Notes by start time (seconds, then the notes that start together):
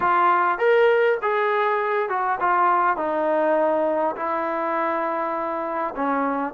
0.00 F4
0.58 A#4
1.22 G#4
2.09 F#4
2.40 F4
2.96 D#4
4.16 E4
5.95 C#4